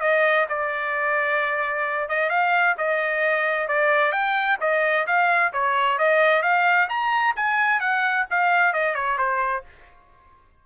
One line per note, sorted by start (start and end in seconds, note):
0.00 0.46 D#5
0.48 2.08 D5
2.08 2.29 D#5
2.29 2.75 F5
2.77 3.68 D#5
3.68 4.12 D5
4.12 4.57 G5
4.60 5.06 D#5
5.06 5.52 F5
5.53 5.98 C#5
5.98 6.42 D#5
6.42 6.88 F5
6.89 7.34 A#5
7.36 7.80 G#5
7.80 8.25 F#5
8.30 8.73 F5
8.73 8.95 D#5
8.95 9.17 C#5
9.17 9.63 C5